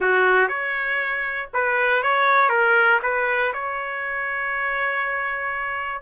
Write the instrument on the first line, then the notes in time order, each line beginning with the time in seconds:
trumpet
0.00 F#4
0.48 C#5
1.53 B4
2.02 C#5
2.49 A#4
3.02 B4
3.53 C#5